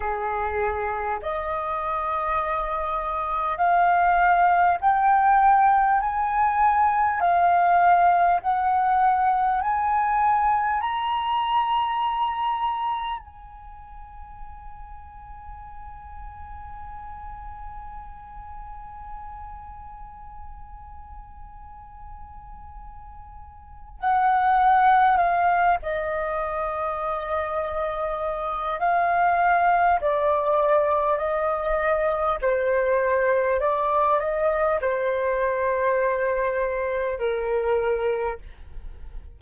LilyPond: \new Staff \with { instrumentName = "flute" } { \time 4/4 \tempo 4 = 50 gis'4 dis''2 f''4 | g''4 gis''4 f''4 fis''4 | gis''4 ais''2 gis''4~ | gis''1~ |
gis''1 | fis''4 f''8 dis''2~ dis''8 | f''4 d''4 dis''4 c''4 | d''8 dis''8 c''2 ais'4 | }